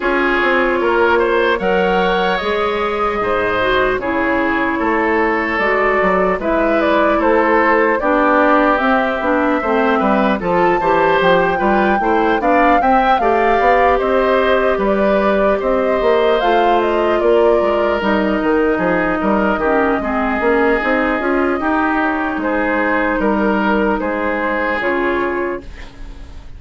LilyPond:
<<
  \new Staff \with { instrumentName = "flute" } { \time 4/4 \tempo 4 = 75 cis''2 fis''4 dis''4~ | dis''4 cis''2 d''4 | e''8 d''8 c''4 d''4 e''4~ | e''4 a''4 g''4. f''8 |
g''8 f''4 dis''4 d''4 dis''8~ | dis''8 f''8 dis''8 d''4 dis''4.~ | dis''2.~ dis''8 cis''8 | c''4 ais'4 c''4 cis''4 | }
  \new Staff \with { instrumentName = "oboe" } { \time 4/4 gis'4 ais'8 c''8 cis''2 | c''4 gis'4 a'2 | b'4 a'4 g'2 | c''8 b'8 a'8 c''4 b'8 c''8 d''8 |
e''8 d''4 c''4 b'4 c''8~ | c''4. ais'2 gis'8 | ais'8 g'8 gis'2 g'4 | gis'4 ais'4 gis'2 | }
  \new Staff \with { instrumentName = "clarinet" } { \time 4/4 f'2 ais'4 gis'4~ | gis'8 fis'8 e'2 fis'4 | e'2 d'4 c'8 d'8 | c'4 f'8 g'4 f'8 e'8 d'8 |
c'8 g'2.~ g'8~ | g'8 f'2 dis'4.~ | dis'8 cis'8 c'8 cis'8 dis'8 f'8 dis'4~ | dis'2. f'4 | }
  \new Staff \with { instrumentName = "bassoon" } { \time 4/4 cis'8 c'8 ais4 fis4 gis4 | gis,4 cis4 a4 gis8 fis8 | gis4 a4 b4 c'8 b8 | a8 g8 f8 e8 f8 g8 a8 b8 |
c'8 a8 b8 c'4 g4 c'8 | ais8 a4 ais8 gis8 g8 dis8 f8 | g8 dis8 gis8 ais8 c'8 cis'8 dis'4 | gis4 g4 gis4 cis4 | }
>>